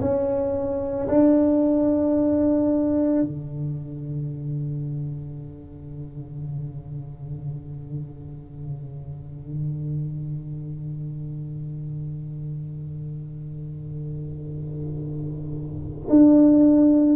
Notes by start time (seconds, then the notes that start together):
0.00 C#4
1.08 D4
3.22 D3
16.09 D4